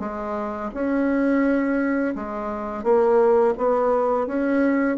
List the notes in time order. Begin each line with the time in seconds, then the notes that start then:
0.00 G#3
0.74 C#4
2.16 G#3
2.84 A#3
3.58 B3
4.27 C#4